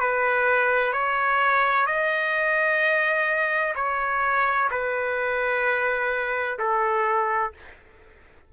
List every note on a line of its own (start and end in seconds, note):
0.00 0.93 B4
0.93 1.87 C#5
1.87 3.74 D#5
3.75 4.69 C#5
4.71 6.58 B4
6.59 7.53 A4